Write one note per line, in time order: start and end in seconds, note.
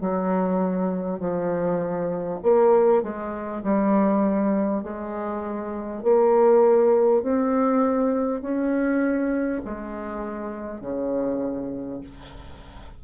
0.00 1.19 F#3
1.19 2.39 F3
2.42 3.02 A#3
3.03 3.63 G#3
3.63 4.83 G3
4.83 6.02 G#3
6.02 7.22 A#3
7.22 8.41 C4
8.41 9.61 C#4
9.64 10.81 G#3
10.81 12.01 C#3